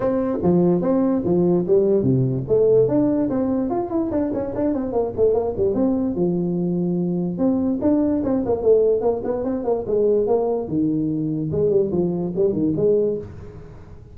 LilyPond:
\new Staff \with { instrumentName = "tuba" } { \time 4/4 \tempo 4 = 146 c'4 f4 c'4 f4 | g4 c4 a4 d'4 | c'4 f'8 e'8 d'8 cis'8 d'8 c'8 | ais8 a8 ais8 g8 c'4 f4~ |
f2 c'4 d'4 | c'8 ais8 a4 ais8 b8 c'8 ais8 | gis4 ais4 dis2 | gis8 g8 f4 g8 dis8 gis4 | }